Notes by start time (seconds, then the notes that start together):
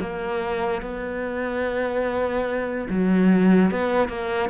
0.00 A#3
0.82 B3
2.90 F#3
3.71 B3
4.09 A#3